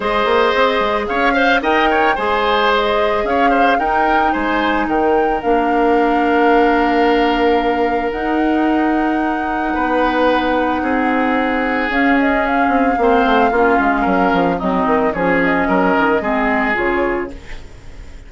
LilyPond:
<<
  \new Staff \with { instrumentName = "flute" } { \time 4/4 \tempo 4 = 111 dis''2 f''4 g''4 | gis''4 dis''4 f''4 g''4 | gis''4 g''4 f''2~ | f''2. fis''4~ |
fis''1~ | fis''2 f''8 dis''8 f''4~ | f''2. dis''4 | cis''8 dis''2~ dis''8 cis''4 | }
  \new Staff \with { instrumentName = "oboe" } { \time 4/4 c''2 cis''8 f''8 dis''8 cis''8 | c''2 cis''8 c''8 ais'4 | c''4 ais'2.~ | ais'1~ |
ais'2 b'2 | gis'1 | c''4 f'4 ais'4 dis'4 | gis'4 ais'4 gis'2 | }
  \new Staff \with { instrumentName = "clarinet" } { \time 4/4 gis'2~ gis'8 c''8 ais'4 | gis'2. dis'4~ | dis'2 d'2~ | d'2. dis'4~ |
dis'1~ | dis'2 cis'2 | c'4 cis'2 c'4 | cis'2 c'4 f'4 | }
  \new Staff \with { instrumentName = "bassoon" } { \time 4/4 gis8 ais8 c'8 gis8 cis'4 dis'4 | gis2 cis'4 dis'4 | gis4 dis4 ais2~ | ais2. dis'4~ |
dis'2 b2 | c'2 cis'4. c'8 | ais8 a8 ais8 gis8 fis8 f8 fis8 dis8 | f4 fis8 dis8 gis4 cis4 | }
>>